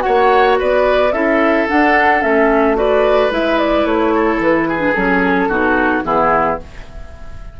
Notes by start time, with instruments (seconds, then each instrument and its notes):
0.00 clarinet F#4, oboe C#5, flute F#5
0.07 bassoon A#3
0.59 bassoon B3, oboe B4, flute D5
1.12 bassoon C#4, clarinet E4, oboe A4, flute E5
1.67 clarinet D4, bassoon D4, flute F#5
2.21 bassoon A3, clarinet C#4, flute E5
2.75 clarinet F#4, oboe B4, flute D5
3.30 bassoon G#3, clarinet E4, flute E5
3.58 flute D5
3.84 bassoon A3, flute C#5
4.14 oboe A4
4.38 bassoon E3, flute B4
4.68 oboe G#4
4.78 clarinet D4
4.94 bassoon F#3, clarinet C#4, flute A4
5.48 bassoon B2, clarinet D#4, oboe F#4
6.03 bassoon E3, clarinet B3, oboe E4, flute G#4